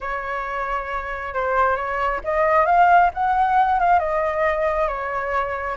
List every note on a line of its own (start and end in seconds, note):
0.00 1.34 C#5
1.34 1.76 C5
1.76 2.20 C#5
2.24 2.65 D#5
2.65 3.10 F5
3.13 3.79 F#5
3.79 3.99 F5
3.99 4.88 D#5
4.88 5.77 C#5